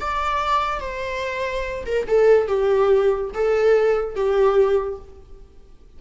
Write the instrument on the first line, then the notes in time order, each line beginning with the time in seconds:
viola
0.00 D5
0.80 C5
1.86 A#4
2.07 A4
2.47 G4
3.34 A4
4.15 G4